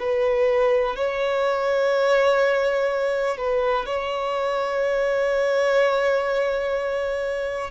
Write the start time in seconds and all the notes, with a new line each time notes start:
0.00 B4
0.96 C#5
3.38 B4
3.86 C#5